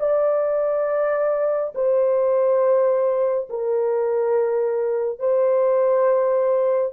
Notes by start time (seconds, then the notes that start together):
0.00 D5
1.75 C5
3.50 A#4
5.19 C5